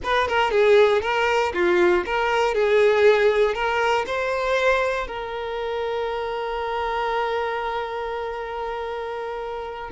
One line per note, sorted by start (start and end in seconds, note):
0.03 0.28 B4
0.28 0.50 A#4
0.50 1.01 G#4
1.01 1.52 A#4
1.53 2.04 F4
2.05 2.54 A#4
2.54 3.54 G#4
3.54 4.05 A#4
4.06 5.07 C5
5.07 9.90 A#4